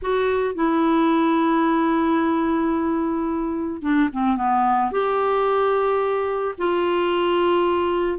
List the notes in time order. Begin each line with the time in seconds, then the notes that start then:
0.02 F#4
0.55 E4
3.82 D4
4.12 C4
4.36 B3
4.91 G4
6.58 F4